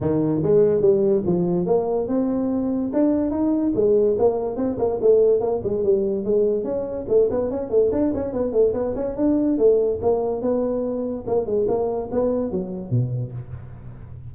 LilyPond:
\new Staff \with { instrumentName = "tuba" } { \time 4/4 \tempo 4 = 144 dis4 gis4 g4 f4 | ais4 c'2 d'4 | dis'4 gis4 ais4 c'8 ais8 | a4 ais8 gis8 g4 gis4 |
cis'4 a8 b8 cis'8 a8 d'8 cis'8 | b8 a8 b8 cis'8 d'4 a4 | ais4 b2 ais8 gis8 | ais4 b4 fis4 b,4 | }